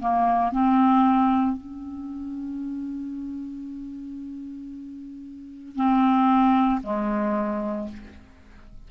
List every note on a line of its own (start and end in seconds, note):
0.00 0.52 A#3
0.52 1.57 C4
1.57 5.76 C#4
5.76 6.81 C4
6.83 7.89 G#3